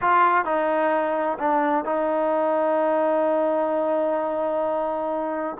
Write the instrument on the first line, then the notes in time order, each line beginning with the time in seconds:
trombone
0.01 F4
0.44 D#4
1.38 D4
1.85 D#4